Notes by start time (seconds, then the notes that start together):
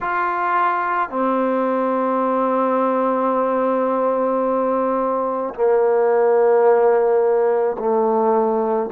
0.00 F4
1.09 C4
5.54 A#3
7.78 A3